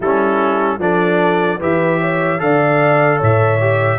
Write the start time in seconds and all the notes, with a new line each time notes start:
0.00 G3 C#4 E4 A4
0.78 F3 D4 A4 D5
1.59 E3 G4 B4 E5
2.00 C#5
2.38 D3 A4 D5 F5
3.17 A2 C#5 E5
3.60 G4